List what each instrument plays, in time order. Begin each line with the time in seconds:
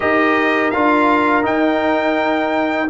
0.00 tuba D#4, trombone G4, horn A#4, trumpet D#5
0.70 tuba D4, trombone F4, trumpet F5
1.42 trombone D#4, tuba D#4, trumpet G5